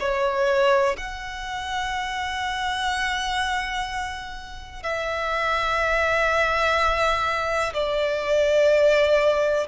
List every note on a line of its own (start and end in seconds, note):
0.00 0.97 C#5
0.98 4.83 F#5
4.83 7.74 E5
7.74 9.68 D5